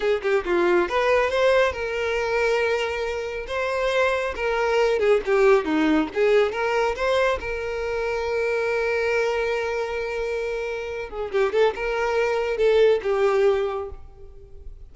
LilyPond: \new Staff \with { instrumentName = "violin" } { \time 4/4 \tempo 4 = 138 gis'8 g'8 f'4 b'4 c''4 | ais'1 | c''2 ais'4. gis'8 | g'4 dis'4 gis'4 ais'4 |
c''4 ais'2.~ | ais'1~ | ais'4. gis'8 g'8 a'8 ais'4~ | ais'4 a'4 g'2 | }